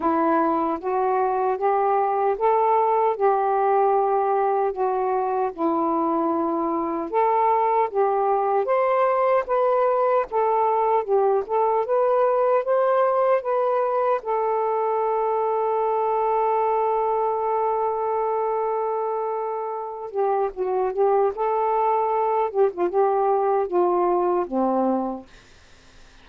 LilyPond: \new Staff \with { instrumentName = "saxophone" } { \time 4/4 \tempo 4 = 76 e'4 fis'4 g'4 a'4 | g'2 fis'4 e'4~ | e'4 a'4 g'4 c''4 | b'4 a'4 g'8 a'8 b'4 |
c''4 b'4 a'2~ | a'1~ | a'4. g'8 fis'8 g'8 a'4~ | a'8 g'16 f'16 g'4 f'4 c'4 | }